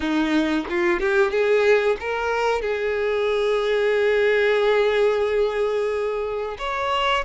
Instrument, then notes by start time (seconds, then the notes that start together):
violin
0.00 D#4
0.69 F4
1.00 G4
1.30 G#4
2.00 A#4
2.61 G#4
6.58 C#5